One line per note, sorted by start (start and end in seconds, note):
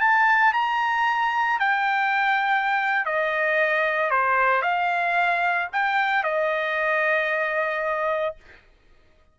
0.00 0.53 A5
0.53 1.59 A#5
1.59 3.05 G5
3.05 4.10 D#5
4.10 4.61 C5
4.61 5.68 F5
5.72 6.23 G5
6.23 8.36 D#5